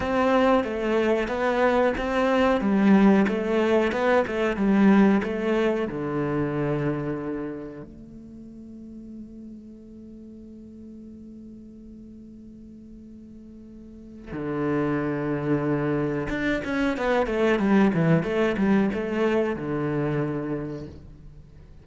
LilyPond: \new Staff \with { instrumentName = "cello" } { \time 4/4 \tempo 4 = 92 c'4 a4 b4 c'4 | g4 a4 b8 a8 g4 | a4 d2. | a1~ |
a1~ | a2 d2~ | d4 d'8 cis'8 b8 a8 g8 e8 | a8 g8 a4 d2 | }